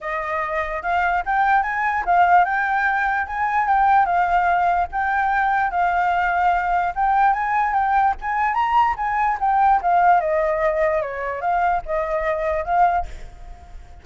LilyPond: \new Staff \with { instrumentName = "flute" } { \time 4/4 \tempo 4 = 147 dis''2 f''4 g''4 | gis''4 f''4 g''2 | gis''4 g''4 f''2 | g''2 f''2~ |
f''4 g''4 gis''4 g''4 | gis''4 ais''4 gis''4 g''4 | f''4 dis''2 cis''4 | f''4 dis''2 f''4 | }